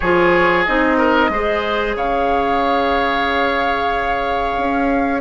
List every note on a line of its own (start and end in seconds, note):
0.00 0.66 F3
0.00 0.67 F4
0.00 0.97 G#4
0.00 0.65 C#5
0.65 1.29 C4
0.65 1.31 D#4
0.65 1.95 D#5
0.97 1.30 A#4
1.29 1.94 G#3
1.29 5.20 G#4
1.29 1.96 C5
1.95 4.56 C#3
1.95 5.20 C#5
1.95 5.20 F5
4.57 5.20 C#4